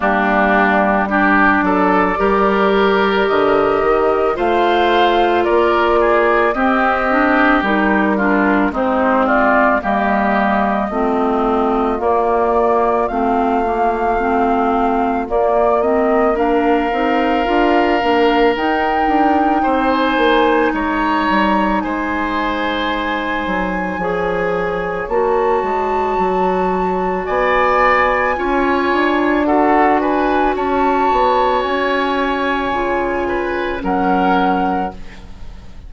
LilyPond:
<<
  \new Staff \with { instrumentName = "flute" } { \time 4/4 \tempo 4 = 55 g'4 d''2 dis''4 | f''4 d''4 dis''4 ais'4 | c''8 d''8 dis''2 d''4 | f''2 d''8 dis''8 f''4~ |
f''4 g''4~ g''16 gis''8. ais''4 | gis''2. a''4~ | a''4 gis''2 fis''8 gis''8 | a''4 gis''2 fis''4 | }
  \new Staff \with { instrumentName = "oboe" } { \time 4/4 d'4 g'8 a'8 ais'2 | c''4 ais'8 gis'8 g'4. f'8 | dis'8 f'8 g'4 f'2~ | f'2. ais'4~ |
ais'2 c''4 cis''4 | c''2 cis''2~ | cis''4 d''4 cis''4 a'8 b'8 | cis''2~ cis''8 b'8 ais'4 | }
  \new Staff \with { instrumentName = "clarinet" } { \time 4/4 ais4 d'4 g'2 | f'2 c'8 d'8 dis'8 d'8 | c'4 ais4 c'4 ais4 | c'8 ais8 c'4 ais8 c'8 d'8 dis'8 |
f'8 d'8 dis'2.~ | dis'2 gis'4 fis'4~ | fis'2 f'4 fis'4~ | fis'2 f'4 cis'4 | }
  \new Staff \with { instrumentName = "bassoon" } { \time 4/4 g4. fis8 g4 d8 dis8 | a4 ais4 c'4 g4 | gis4 g4 a4 ais4 | a2 ais4. c'8 |
d'8 ais8 dis'8 d'8 c'8 ais8 gis8 g8 | gis4. fis8 f4 ais8 gis8 | fis4 b4 cis'8 d'4. | cis'8 b8 cis'4 cis4 fis4 | }
>>